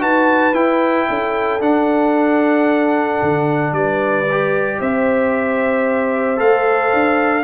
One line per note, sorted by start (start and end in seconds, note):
0.00 0.53 D#4
0.00 0.53 F#4
0.00 1.07 B4
0.00 0.54 A5
0.53 1.06 E4
0.53 1.60 E4
0.53 1.61 G5
1.09 1.60 C#4
1.09 3.74 A4
1.60 3.19 D4
1.60 4.26 D4
1.60 3.74 F#5
3.22 3.72 D3
3.72 4.79 G3
3.72 4.79 B4
3.72 4.80 D5
4.31 6.37 G4
4.79 6.39 C4
4.79 7.44 C5
4.79 6.39 E5
6.37 6.92 A3
6.37 7.43 A4
6.37 7.44 F5
6.93 7.44 D4